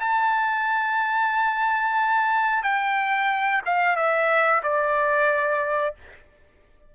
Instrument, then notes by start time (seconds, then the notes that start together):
trumpet
0.00 A5
2.63 G5
3.65 F5
3.96 E5
4.63 D5